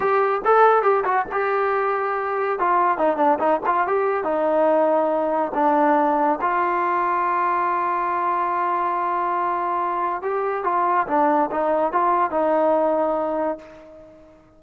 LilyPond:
\new Staff \with { instrumentName = "trombone" } { \time 4/4 \tempo 4 = 141 g'4 a'4 g'8 fis'8 g'4~ | g'2 f'4 dis'8 d'8 | dis'8 f'8 g'4 dis'2~ | dis'4 d'2 f'4~ |
f'1~ | f'1 | g'4 f'4 d'4 dis'4 | f'4 dis'2. | }